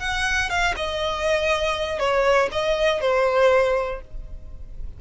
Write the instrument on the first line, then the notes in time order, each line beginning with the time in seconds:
violin
0.00 F#5
0.50 F5
0.77 D#5
1.99 C#5
2.52 D#5
3.01 C5